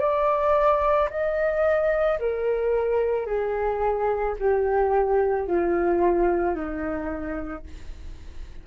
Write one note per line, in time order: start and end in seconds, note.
0.00 1.09 D5
1.10 2.19 D#5
2.20 3.26 A#4
3.26 4.35 G#4
4.40 5.47 G4
5.47 6.55 F4
6.55 7.64 D#4